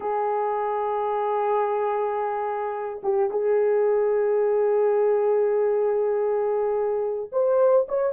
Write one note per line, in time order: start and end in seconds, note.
0.00 3.01 G#4
3.03 3.30 G4
3.30 7.29 G#4
7.32 7.87 C5
7.88 8.12 C#5